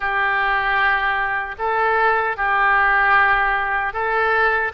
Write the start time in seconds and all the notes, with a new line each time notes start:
0.00 G4
1.58 A4
2.36 G4
3.93 A4